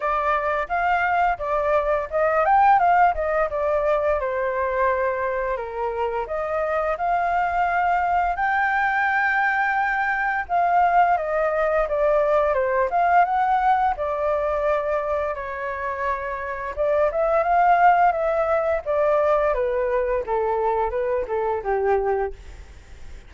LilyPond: \new Staff \with { instrumentName = "flute" } { \time 4/4 \tempo 4 = 86 d''4 f''4 d''4 dis''8 g''8 | f''8 dis''8 d''4 c''2 | ais'4 dis''4 f''2 | g''2. f''4 |
dis''4 d''4 c''8 f''8 fis''4 | d''2 cis''2 | d''8 e''8 f''4 e''4 d''4 | b'4 a'4 b'8 a'8 g'4 | }